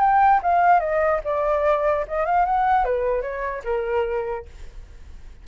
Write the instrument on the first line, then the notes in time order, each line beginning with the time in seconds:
flute
0.00 G5
0.43 F5
0.80 D#5
1.25 D5
2.08 D#5
2.26 F5
2.46 F#5
2.85 B4
3.22 C#5
3.64 A#4